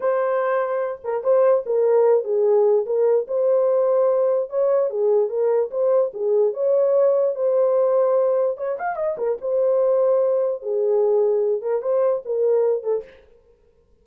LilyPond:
\new Staff \with { instrumentName = "horn" } { \time 4/4 \tempo 4 = 147 c''2~ c''8 ais'8 c''4 | ais'4. gis'4. ais'4 | c''2. cis''4 | gis'4 ais'4 c''4 gis'4 |
cis''2 c''2~ | c''4 cis''8 f''8 dis''8 ais'8 c''4~ | c''2 gis'2~ | gis'8 ais'8 c''4 ais'4. a'8 | }